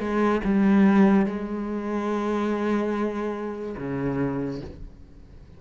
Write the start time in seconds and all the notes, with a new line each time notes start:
0.00 G#3
0.45 G3
1.26 G#3
3.78 C#3